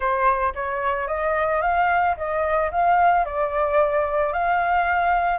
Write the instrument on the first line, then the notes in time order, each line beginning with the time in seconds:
flute
0.00 C5
0.55 C#5
1.07 D#5
1.61 F5
2.16 D#5
2.71 F5
3.25 D5
4.32 F5